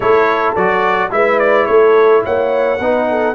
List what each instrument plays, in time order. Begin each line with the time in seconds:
0.00 tuba A3, trombone E4, horn A4, trumpet C#5
0.55 tuba F#3, trombone F#4, trumpet D5
1.10 tuba G#3, trombone E4, horn B4, trumpet E5
1.39 trumpet D5
1.66 tuba A3, horn A4, trumpet C#5
2.23 tuba A#3, horn C#5, trumpet F#5
2.80 tuba B3, trombone D#4, horn B4
3.09 horn A4